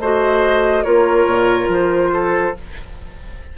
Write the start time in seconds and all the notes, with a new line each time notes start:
0.00 A3 F#4 C5 D#5
0.84 A#3 F4 A#4 C#5
1.26 A#2
1.69 F3 C5
2.14 A4